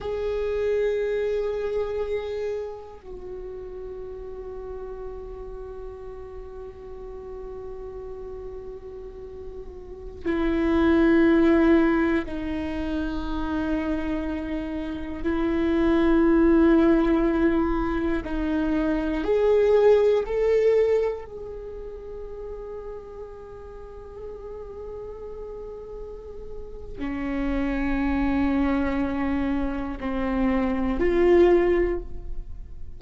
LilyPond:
\new Staff \with { instrumentName = "viola" } { \time 4/4 \tempo 4 = 60 gis'2. fis'4~ | fis'1~ | fis'2~ fis'16 e'4.~ e'16~ | e'16 dis'2. e'8.~ |
e'2~ e'16 dis'4 gis'8.~ | gis'16 a'4 gis'2~ gis'8.~ | gis'2. cis'4~ | cis'2 c'4 f'4 | }